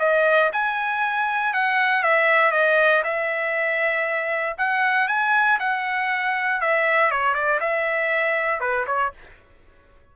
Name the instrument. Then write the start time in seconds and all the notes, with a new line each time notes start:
trumpet
0.00 D#5
0.53 G#5
1.54 F#5
2.03 E5
2.52 D#5
3.04 E5
4.58 F#5
5.08 G#5
5.60 F#5
6.61 E5
7.12 C#5
7.35 D5
7.61 E5
8.60 B4
8.87 C#5